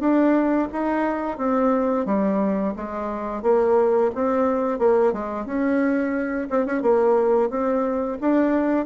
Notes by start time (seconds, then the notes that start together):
0.00 D4
0.73 D#4
1.38 C4
2.06 G3
2.76 G#3
3.43 A#3
4.15 C4
4.79 A#3
5.13 G#3
5.46 C#4
6.50 C4
6.66 C#4
6.82 A#3
7.50 C4
8.21 D4